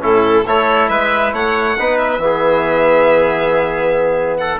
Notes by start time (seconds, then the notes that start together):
0.00 A2 C#4 E4 A4
0.46 A3 E4 A4 C#5
0.88 G#3 B4 E5
1.33 A3 C#5 F#5
1.79 B3 D#4 B4
1.97 E5
2.18 E3 B3
2.24 G#4
4.37 A4 F#5